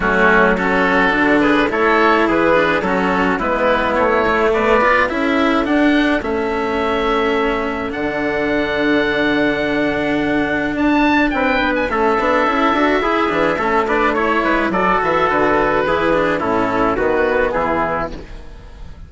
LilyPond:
<<
  \new Staff \with { instrumentName = "oboe" } { \time 4/4 \tempo 4 = 106 fis'4 a'4. b'8 cis''4 | b'4 a'4 b'4 cis''4 | d''4 e''4 fis''4 e''4~ | e''2 fis''2~ |
fis''2. a''4 | g''8. gis''16 e''2.~ | e''8 d''8 cis''4 d''8 e''8 b'4~ | b'4 a'4 b'4 gis'4 | }
  \new Staff \with { instrumentName = "trumpet" } { \time 4/4 cis'4 fis'4. gis'8 a'4 | gis'4 fis'4 e'2 | b'4 a'2.~ | a'1~ |
a'1 | b'4 a'2 gis'4 | a'8 b'8 cis''8 b'8 a'2 | gis'4 e'4 fis'4 e'4 | }
  \new Staff \with { instrumentName = "cello" } { \time 4/4 a4 cis'4 d'4 e'4~ | e'8 d'8 cis'4 b4. a8~ | a8 f'8 e'4 d'4 cis'4~ | cis'2 d'2~ |
d'1~ | d'4 cis'8 d'8 e'8 fis'8 e'8 d'8 | cis'8 d'8 e'4 fis'2 | e'8 d'8 cis'4 b2 | }
  \new Staff \with { instrumentName = "bassoon" } { \time 4/4 fis2 d4 a4 | e4 fis4 gis4 a4 | b4 cis'4 d'4 a4~ | a2 d2~ |
d2. d'4 | c'8 b8 a8 b8 cis'8 d'8 e'8 e8 | a4. gis8 fis8 e8 d4 | e4 a,4 dis4 e4 | }
>>